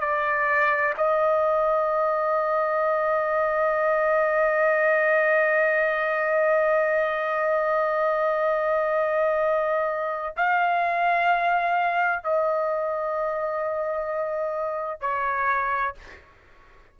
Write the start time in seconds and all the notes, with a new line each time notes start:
0.00 D5
0.97 D#5
10.36 F5
12.23 D#5
15.00 C#5